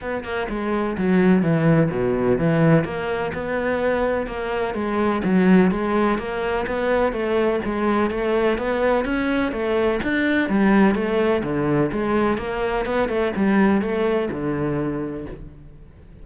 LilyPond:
\new Staff \with { instrumentName = "cello" } { \time 4/4 \tempo 4 = 126 b8 ais8 gis4 fis4 e4 | b,4 e4 ais4 b4~ | b4 ais4 gis4 fis4 | gis4 ais4 b4 a4 |
gis4 a4 b4 cis'4 | a4 d'4 g4 a4 | d4 gis4 ais4 b8 a8 | g4 a4 d2 | }